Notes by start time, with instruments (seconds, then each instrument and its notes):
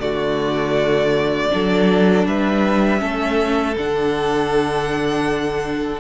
0.00 cello D3, viola A3, violin F#4 D5
1.50 cello F#3, viola D4, violin A4
2.26 cello G3, violin B4 E5
2.98 cello A3, viola C#4, violin A4
3.77 cello D3, viola D4, violin F#5